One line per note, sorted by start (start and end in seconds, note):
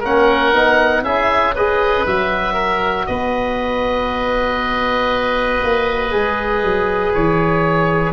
0.00 0.53 A#3
0.00 0.54 C#4
0.00 1.02 A#4
0.00 1.04 F#5
0.53 1.03 B3
0.53 1.05 D#4
1.03 2.05 C#4
1.03 1.56 E4
1.03 1.55 G#4
1.03 1.55 E5
1.55 2.07 G#4
1.55 2.54 B4
1.55 2.06 D#5
2.06 3.08 F#3
2.06 6.11 F#4
2.06 3.06 E5
2.54 3.05 A#4
3.06 5.63 B3
3.06 8.14 B4
3.06 7.13 D#5
5.63 6.14 A#3
6.11 6.63 G#3
6.11 8.14 G#4
6.63 7.14 F#3
7.14 8.14 E3
7.14 8.14 C#5